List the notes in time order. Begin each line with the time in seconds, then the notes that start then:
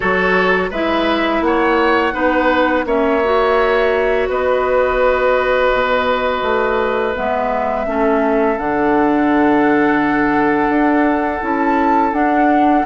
0.00 F#3 F#4 A4 C#5
0.70 G#3 E4 B4 E5
1.40 A#3 C#5 F#5
2.12 B3 D#4 B4
2.85 A#3 C#4 C#5 E5
3.24 F#4
4.28 B3 B4 D#5
5.72 B2
6.42 A3
7.15 G#3 B3 E5
7.86 A3 C#4 A4
8.57 D3 D4 F#5
10.68 D4
11.41 C#4 E4 A5
12.12 D4 F#5